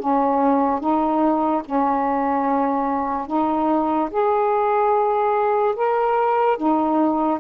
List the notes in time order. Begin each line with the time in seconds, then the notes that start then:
0.00 C#4
0.80 D#4
1.66 C#4
3.27 D#4
4.11 G#4
5.76 A#4
6.58 D#4